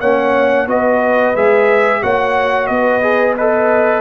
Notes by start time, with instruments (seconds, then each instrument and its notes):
0.00 tuba A#3, trombone C#4, horn C#5, trumpet F#5
0.67 tuba B3, trombone F#4, horn B4, trumpet D#5
1.35 tuba G#3, trombone G#4, trumpet E5
2.02 tuba A#3, trombone F#4, horn C#5, trumpet F#5
2.67 tuba B3, horn B4, trumpet D#5
3.02 trombone G#4
3.36 trombone A4, trumpet B4, horn D#5